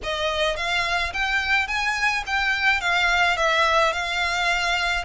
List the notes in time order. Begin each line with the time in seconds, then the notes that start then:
0.03 D#5
0.56 F5
1.13 G5
1.67 G#5
2.26 G5
2.80 F5
3.36 E5
3.93 F5